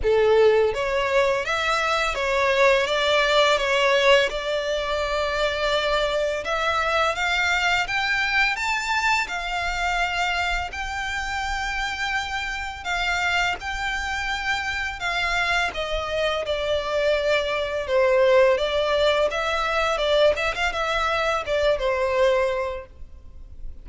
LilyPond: \new Staff \with { instrumentName = "violin" } { \time 4/4 \tempo 4 = 84 a'4 cis''4 e''4 cis''4 | d''4 cis''4 d''2~ | d''4 e''4 f''4 g''4 | a''4 f''2 g''4~ |
g''2 f''4 g''4~ | g''4 f''4 dis''4 d''4~ | d''4 c''4 d''4 e''4 | d''8 e''16 f''16 e''4 d''8 c''4. | }